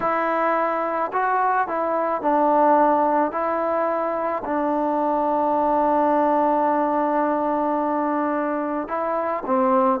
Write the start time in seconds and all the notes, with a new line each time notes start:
0.00 E4
1.12 F#4
1.67 E4
2.21 D4
3.31 E4
4.44 D4
8.87 E4
9.45 C4